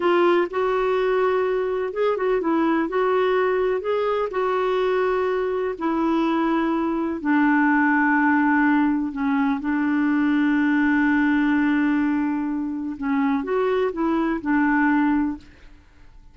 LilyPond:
\new Staff \with { instrumentName = "clarinet" } { \time 4/4 \tempo 4 = 125 f'4 fis'2. | gis'8 fis'8 e'4 fis'2 | gis'4 fis'2. | e'2. d'4~ |
d'2. cis'4 | d'1~ | d'2. cis'4 | fis'4 e'4 d'2 | }